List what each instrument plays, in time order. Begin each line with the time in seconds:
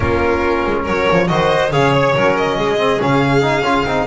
0.00 double bass A#3, trombone C#4, violin F4 A#4
0.66 double bass G#3
0.82 double bass F#3, violin A#4 C#5
1.11 double bass F3
1.27 double bass D#3, trombone F#4, violin C5 D#5
1.71 double bass C#3, trombone G#4, violin C#5 F5
1.93 violin C#5
2.14 double bass F#3, trombone C#4, violin A#4
2.37 violin D#5
2.57 double bass G#3, violin G#4
2.78 trombone C4
2.99 double bass C#3, trombone C#4, violin F5
3.41 trombone D#4
3.61 double bass C#4, trombone F4
3.85 double bass C4, trombone D#4